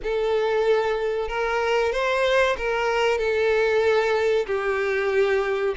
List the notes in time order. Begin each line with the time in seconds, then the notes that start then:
0.03 A4
1.28 A#4
1.92 C5
2.57 A#4
3.18 A4
4.46 G4